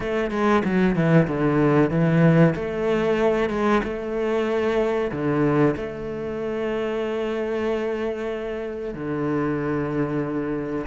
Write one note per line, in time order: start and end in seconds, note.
0.00 0.30 A3
0.30 0.62 G#3
0.64 0.95 F#3
0.95 1.27 E3
1.27 1.90 D3
1.90 2.54 E3
2.55 3.49 A3
3.49 3.81 G#3
3.83 5.11 A3
5.11 5.75 D3
5.76 8.94 A3
8.94 10.86 D3